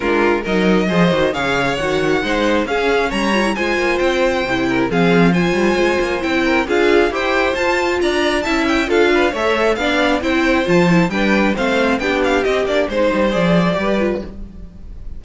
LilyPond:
<<
  \new Staff \with { instrumentName = "violin" } { \time 4/4 \tempo 4 = 135 ais'4 dis''2 f''4 | fis''2 f''4 ais''4 | gis''4 g''2 f''4 | gis''2 g''4 f''4 |
g''4 a''4 ais''4 a''8 g''8 | f''4 e''4 f''4 g''4 | a''4 g''4 f''4 g''8 f''8 | dis''8 d''8 c''4 d''2 | }
  \new Staff \with { instrumentName = "violin" } { \time 4/4 f'4 ais'4 c''4 cis''4~ | cis''4 c''4 gis'4 cis''4 | c''2~ c''8 ais'8 gis'4 | c''2~ c''8 ais'8 gis'4 |
c''2 d''4 e''4 | a'8 b'8 cis''4 d''4 c''4~ | c''4 b'4 c''4 g'4~ | g'4 c''2 b'4 | }
  \new Staff \with { instrumentName = "viola" } { \time 4/4 d'4 dis'4 gis'8 fis'8 gis'4 | fis'4 dis'4 cis'4. f'16 e'16 | f'2 e'4 c'4 | f'2 e'4 f'4 |
g'4 f'2 e'4 | f'4 a'4 d'4 e'4 | f'8 e'8 d'4 c'4 d'4 | c'8 d'8 dis'4 gis'4 g'8 f'8 | }
  \new Staff \with { instrumentName = "cello" } { \time 4/4 gis4 fis4 f8 dis8 cis4 | dis4 gis4 cis'4 g4 | gis8 ais8 c'4 c4 f4~ | f8 g8 gis8 ais8 c'4 d'4 |
e'4 f'4 d'4 cis'4 | d'4 a4 b4 c'4 | f4 g4 a4 b4 | c'8 ais8 gis8 g8 f4 g4 | }
>>